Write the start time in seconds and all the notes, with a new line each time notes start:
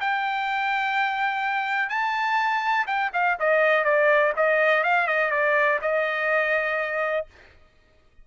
0.00 G5
1.89 A5
2.87 G5
3.13 F5
3.39 D#5
3.84 D5
4.36 D#5
4.83 F5
5.07 D#5
5.30 D5
5.81 D#5